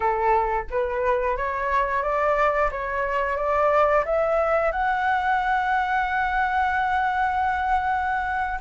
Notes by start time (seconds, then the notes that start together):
0.00 A4
0.70 B4
1.36 C#5
2.02 D5
2.71 C#5
3.36 D5
4.05 E5
4.71 F#5